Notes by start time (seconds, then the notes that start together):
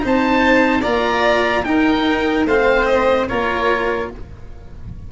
0.00 C4 D#4 C5
0.07 A5
0.81 A#3 F4 D5 A#5
1.64 D#4 A#4 G5
2.45 A3 C4 C5 F5
2.85 D#5
3.28 A#3 F4 A#4 C#5